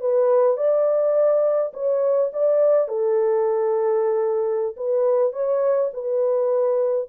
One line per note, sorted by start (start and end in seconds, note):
0.00 0.57 B4
0.57 1.72 D5
1.73 2.31 C#5
2.33 2.88 D5
2.88 4.75 A4
4.76 5.32 B4
5.32 5.90 C#5
5.93 7.08 B4